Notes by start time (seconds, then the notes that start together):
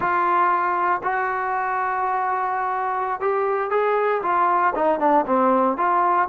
0.00 F4
1.03 F#4
3.20 G4
3.70 G#4
4.22 F4
4.75 D#4
4.99 D4
5.26 C4
5.77 F4